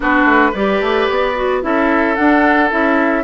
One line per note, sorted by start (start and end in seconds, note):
0.00 0.24 B3
0.00 0.53 D4
0.00 0.51 F#4
0.00 0.54 B4
0.24 0.51 A3
0.51 0.80 G3
0.51 1.35 G4
0.51 1.59 B4
0.51 1.62 D5
0.80 1.07 A3
1.09 1.63 B3
1.35 1.62 F#4
1.62 2.17 C#4
1.62 2.16 E4
1.62 3.24 A4
1.62 2.15 E5
2.15 2.70 D4
2.15 2.72 D4
2.15 2.69 F#5
2.70 3.24 C#4
2.70 3.24 E4
2.70 3.24 E5